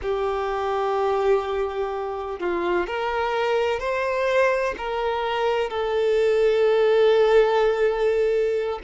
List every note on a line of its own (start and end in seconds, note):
0.02 2.39 G4
2.39 2.86 F4
2.86 3.79 A#4
3.79 4.74 C5
4.77 5.69 A#4
5.69 8.79 A4